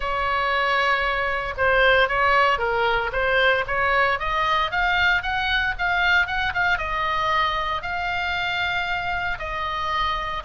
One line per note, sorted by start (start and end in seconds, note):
0.00 1.54 C#5
1.57 2.08 C5
2.08 2.58 C#5
2.58 3.10 A#4
3.12 3.64 C5
3.67 4.19 C#5
4.19 4.71 D#5
4.71 5.22 F5
5.22 5.74 F#5
5.78 6.26 F5
6.26 6.52 F#5
6.54 6.78 F5
6.78 7.82 D#5
7.82 9.38 F5
9.38 10.43 D#5